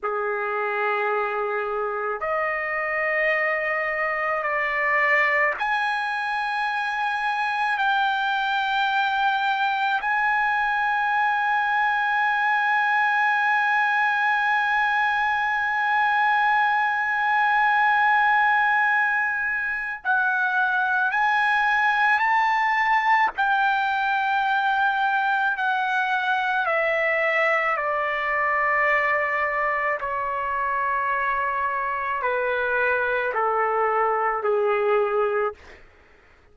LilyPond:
\new Staff \with { instrumentName = "trumpet" } { \time 4/4 \tempo 4 = 54 gis'2 dis''2 | d''4 gis''2 g''4~ | g''4 gis''2.~ | gis''1~ |
gis''2 fis''4 gis''4 | a''4 g''2 fis''4 | e''4 d''2 cis''4~ | cis''4 b'4 a'4 gis'4 | }